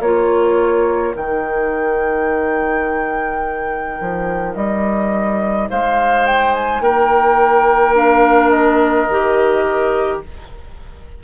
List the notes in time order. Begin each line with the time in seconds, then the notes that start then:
0.00 A#3 F4 A#4 C#5
1.15 D#3 D#4 G5
4.00 F3
4.55 G3 D#5
5.70 G#3 C5 F5
6.26 G5
6.53 G#5
6.80 A#3 A#4 G5
7.94 D4 F5
8.49 D#5
9.08 D#3 G4